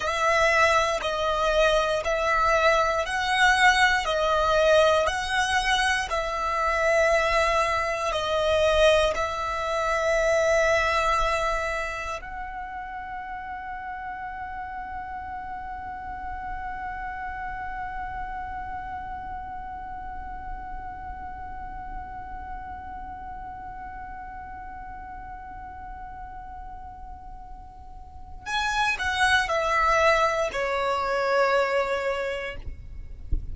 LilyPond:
\new Staff \with { instrumentName = "violin" } { \time 4/4 \tempo 4 = 59 e''4 dis''4 e''4 fis''4 | dis''4 fis''4 e''2 | dis''4 e''2. | fis''1~ |
fis''1~ | fis''1~ | fis''1 | gis''8 fis''8 e''4 cis''2 | }